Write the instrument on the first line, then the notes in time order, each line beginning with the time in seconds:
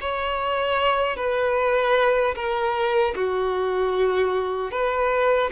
violin
0.00 C#5
1.16 B4
2.35 A#4
3.15 F#4
4.71 B4